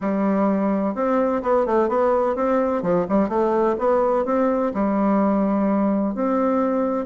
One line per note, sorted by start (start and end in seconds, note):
0.00 0.94 G3
0.94 1.42 C4
1.42 1.66 B3
1.66 1.88 A3
1.88 2.35 B3
2.35 2.82 C4
2.82 3.06 F3
3.09 3.28 G3
3.28 3.76 A3
3.78 4.25 B3
4.25 4.72 C4
4.74 6.15 G3
6.15 7.06 C4